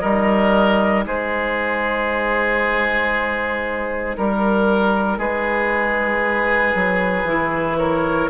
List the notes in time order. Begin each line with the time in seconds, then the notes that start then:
0.00 G3 D#4 A#4 D#5
1.06 G#3 G#4 C5
4.17 G3 A#4
5.19 G#3 G#4 B4
6.75 F#3
7.24 E3 E4
7.78 A#4 C#5